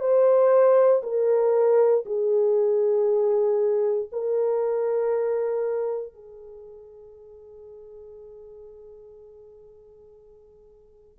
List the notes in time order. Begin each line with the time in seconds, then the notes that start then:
0.00 C5
1.03 A#4
2.05 G#4
4.12 A#4
6.13 G#4